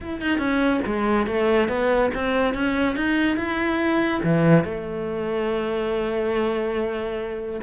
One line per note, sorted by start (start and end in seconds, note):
0.00 0.21 E4
0.21 0.38 D#4
0.38 0.80 C#4
0.85 1.27 G#3
1.27 1.68 A3
1.68 2.10 B3
2.14 2.54 C4
2.54 2.96 C#4
2.96 3.36 D#4
3.36 4.21 E4
4.23 4.64 E3
4.64 7.60 A3